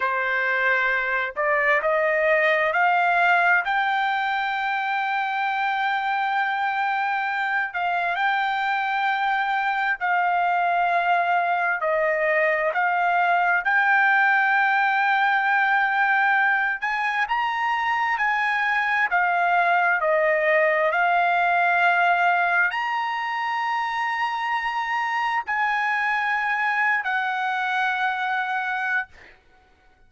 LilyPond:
\new Staff \with { instrumentName = "trumpet" } { \time 4/4 \tempo 4 = 66 c''4. d''8 dis''4 f''4 | g''1~ | g''8 f''8 g''2 f''4~ | f''4 dis''4 f''4 g''4~ |
g''2~ g''8 gis''8 ais''4 | gis''4 f''4 dis''4 f''4~ | f''4 ais''2. | gis''4.~ gis''16 fis''2~ fis''16 | }